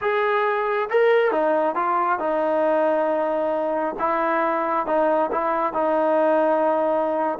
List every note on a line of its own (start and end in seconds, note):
0.01 0.89 G#4
0.90 1.31 A#4
1.31 1.75 D#4
1.75 2.19 F4
2.19 3.95 D#4
3.99 4.86 E4
4.86 5.30 D#4
5.31 5.73 E4
5.73 7.38 D#4